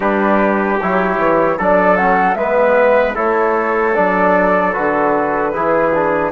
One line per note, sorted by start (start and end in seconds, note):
0.00 0.78 G3
0.00 0.78 D4
0.00 1.57 G4
0.00 0.79 B4
0.80 1.17 F#3
0.80 1.58 E4
0.80 1.59 C#5
1.17 1.57 E3
1.57 2.35 F#3
1.57 1.97 D4
1.57 2.36 A4
1.57 1.96 D5
1.96 2.37 C#4
1.96 2.34 F#5
2.34 3.14 G#3
2.34 3.14 B3
2.34 3.15 B4
2.34 3.13 E5
3.14 3.96 A3
3.14 3.93 E4
3.14 5.52 A4
3.14 3.95 C#5
3.94 4.76 F#3
3.94 4.73 D4
3.94 4.72 D5
4.72 5.54 D3
4.72 5.51 F#4
4.72 6.30 B4
5.52 6.31 E3
5.52 5.92 E4
5.52 6.31 G#4
5.94 6.31 D4